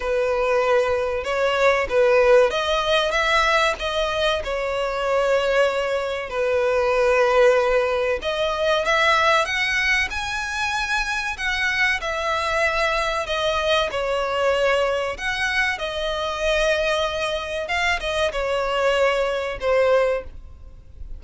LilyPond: \new Staff \with { instrumentName = "violin" } { \time 4/4 \tempo 4 = 95 b'2 cis''4 b'4 | dis''4 e''4 dis''4 cis''4~ | cis''2 b'2~ | b'4 dis''4 e''4 fis''4 |
gis''2 fis''4 e''4~ | e''4 dis''4 cis''2 | fis''4 dis''2. | f''8 dis''8 cis''2 c''4 | }